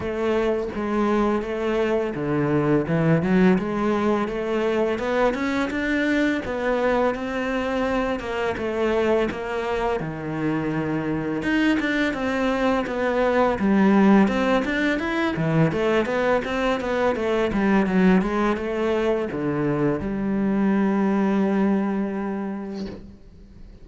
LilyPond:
\new Staff \with { instrumentName = "cello" } { \time 4/4 \tempo 4 = 84 a4 gis4 a4 d4 | e8 fis8 gis4 a4 b8 cis'8 | d'4 b4 c'4. ais8 | a4 ais4 dis2 |
dis'8 d'8 c'4 b4 g4 | c'8 d'8 e'8 e8 a8 b8 c'8 b8 | a8 g8 fis8 gis8 a4 d4 | g1 | }